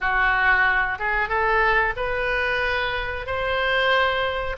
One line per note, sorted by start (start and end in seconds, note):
0.00 0.98 F#4
0.98 1.28 G#4
1.28 1.94 A4
1.96 3.26 B4
3.26 4.57 C5